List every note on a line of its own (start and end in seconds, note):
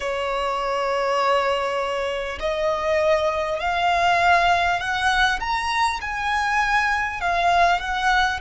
0.00 2.38 C#5
2.39 3.59 D#5
3.59 4.79 F5
4.79 5.39 F#5
5.39 5.99 A#5
6.01 7.20 G#5
7.20 7.79 F5
7.79 8.39 F#5